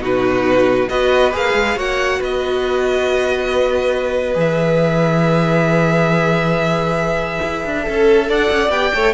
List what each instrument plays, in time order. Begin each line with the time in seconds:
0.00 cello B2, viola D#4, violin F#4 B4
0.89 cello B3, viola F#4, violin B4 D#5
1.33 cello A#3, viola G#4, violin F5
1.54 cello G#3
1.76 cello A#3, viola F#4, violin C#5 F#5
2.20 cello B3, violin B4 D#5
4.35 cello E3, viola G#4, violin E5
7.43 cello E4
7.66 cello D4
7.83 viola A4, violin A4
7.89 cello C#4
8.29 cello D4, violin D5 F#5
8.51 cello C#4
8.70 cello B3, viola G4, violin G5
8.94 cello A3, viola A4, violin C#5